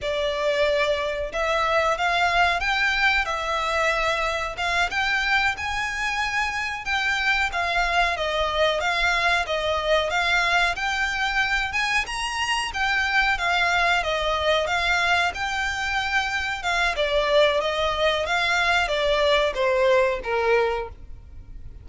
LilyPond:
\new Staff \with { instrumentName = "violin" } { \time 4/4 \tempo 4 = 92 d''2 e''4 f''4 | g''4 e''2 f''8 g''8~ | g''8 gis''2 g''4 f''8~ | f''8 dis''4 f''4 dis''4 f''8~ |
f''8 g''4. gis''8 ais''4 g''8~ | g''8 f''4 dis''4 f''4 g''8~ | g''4. f''8 d''4 dis''4 | f''4 d''4 c''4 ais'4 | }